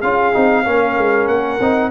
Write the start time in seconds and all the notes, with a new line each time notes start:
0.00 C#4 F4 G#4 F5
0.32 C4 D#4
0.64 A#3 C#4 A#4
0.97 G#3
1.27 A#3 F#5
1.59 C4 D#4